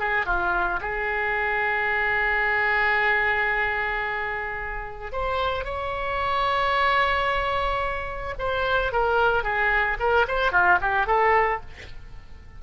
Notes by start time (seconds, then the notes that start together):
0.00 G#4
0.26 F4
0.82 G#4
5.13 C5
5.65 C#5
8.39 C5
8.93 A#4
9.44 G#4
10.00 A#4
10.28 C5
10.52 F4
10.81 G4
11.07 A4